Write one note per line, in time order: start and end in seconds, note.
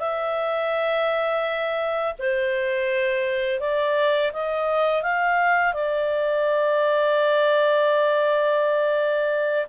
0.00 2.14 E5
2.19 3.60 C5
3.60 4.32 D5
4.33 5.03 D#5
5.03 5.74 F5
5.74 9.67 D5